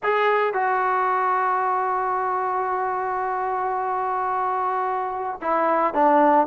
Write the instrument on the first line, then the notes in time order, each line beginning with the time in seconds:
trombone
0.03 G#4
0.53 F#4
5.41 E4
5.94 D4